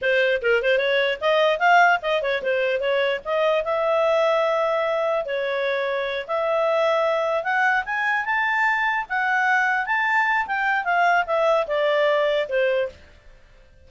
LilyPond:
\new Staff \with { instrumentName = "clarinet" } { \time 4/4 \tempo 4 = 149 c''4 ais'8 c''8 cis''4 dis''4 | f''4 dis''8 cis''8 c''4 cis''4 | dis''4 e''2.~ | e''4 cis''2~ cis''8 e''8~ |
e''2~ e''8 fis''4 gis''8~ | gis''8 a''2 fis''4.~ | fis''8 a''4. g''4 f''4 | e''4 d''2 c''4 | }